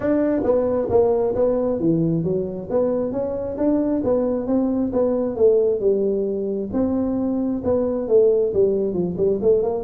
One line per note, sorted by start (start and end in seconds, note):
0.00 0.42 D4
0.43 0.88 B3
0.90 1.34 A#3
1.35 1.79 B3
1.79 2.23 E3
2.23 2.68 F#3
2.70 3.12 B3
3.12 3.57 C#4
3.57 4.02 D4
4.03 4.46 B3
4.46 4.91 C4
4.92 5.35 B3
5.35 5.80 A3
5.80 6.69 G3
6.72 7.62 C4
7.63 8.08 B3
8.08 8.52 A3
8.53 8.93 G3
8.93 9.16 F3
9.17 9.39 G3
9.41 9.62 A3
9.62 9.84 A#3